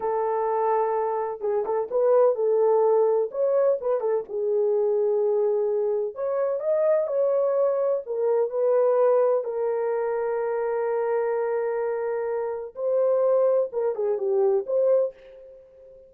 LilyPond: \new Staff \with { instrumentName = "horn" } { \time 4/4 \tempo 4 = 127 a'2. gis'8 a'8 | b'4 a'2 cis''4 | b'8 a'8 gis'2.~ | gis'4 cis''4 dis''4 cis''4~ |
cis''4 ais'4 b'2 | ais'1~ | ais'2. c''4~ | c''4 ais'8 gis'8 g'4 c''4 | }